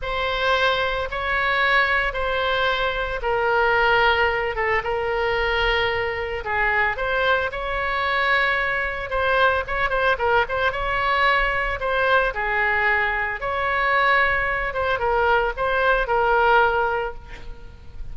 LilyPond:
\new Staff \with { instrumentName = "oboe" } { \time 4/4 \tempo 4 = 112 c''2 cis''2 | c''2 ais'2~ | ais'8 a'8 ais'2. | gis'4 c''4 cis''2~ |
cis''4 c''4 cis''8 c''8 ais'8 c''8 | cis''2 c''4 gis'4~ | gis'4 cis''2~ cis''8 c''8 | ais'4 c''4 ais'2 | }